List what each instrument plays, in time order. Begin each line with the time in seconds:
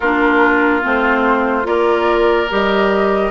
0.00 bassoon A#3, clarinet D4, oboe F4, flute A#4
0.81 bassoon A3, clarinet C4, flute C5
1.63 bassoon A#3, clarinet F4, oboe A#4, flute D5
2.50 bassoon G3, clarinet G4, flute D#5